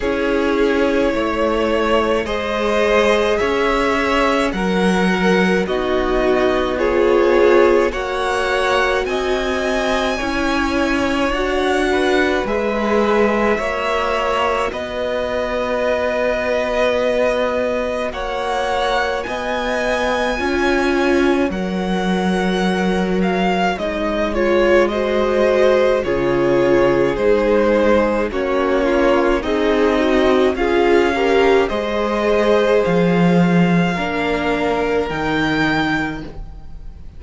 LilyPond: <<
  \new Staff \with { instrumentName = "violin" } { \time 4/4 \tempo 4 = 53 cis''2 dis''4 e''4 | fis''4 dis''4 cis''4 fis''4 | gis''2 fis''4 e''4~ | e''4 dis''2. |
fis''4 gis''2 fis''4~ | fis''8 f''8 dis''8 cis''8 dis''4 cis''4 | c''4 cis''4 dis''4 f''4 | dis''4 f''2 g''4 | }
  \new Staff \with { instrumentName = "violin" } { \time 4/4 gis'4 cis''4 c''4 cis''4 | ais'4 fis'4 gis'4 cis''4 | dis''4 cis''4. b'4. | cis''4 b'2. |
cis''4 dis''4 cis''2~ | cis''2 c''4 gis'4~ | gis'4 fis'8 f'8 dis'4 gis'8 ais'8 | c''2 ais'2 | }
  \new Staff \with { instrumentName = "viola" } { \time 4/4 e'2 gis'2 | ais'4 dis'4 f'4 fis'4~ | fis'4 e'4 fis'4 gis'4 | fis'1~ |
fis'2 f'4 ais'4~ | ais'4 dis'8 f'8 fis'4 f'4 | dis'4 cis'4 gis'8 fis'8 f'8 g'8 | gis'2 d'4 dis'4 | }
  \new Staff \with { instrumentName = "cello" } { \time 4/4 cis'4 a4 gis4 cis'4 | fis4 b2 ais4 | c'4 cis'4 d'4 gis4 | ais4 b2. |
ais4 b4 cis'4 fis4~ | fis4 gis2 cis4 | gis4 ais4 c'4 cis'4 | gis4 f4 ais4 dis4 | }
>>